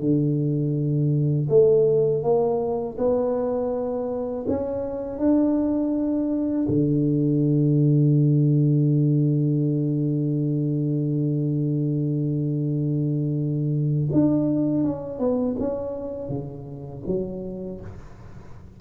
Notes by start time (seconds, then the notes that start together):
0.00 D3
1.49 A3
2.23 A#3
2.98 B3
4.48 C#4
5.19 D4
6.69 D3
14.12 D4
14.84 C#4
15.19 B3
15.60 C#4
16.29 C#3
17.07 F#3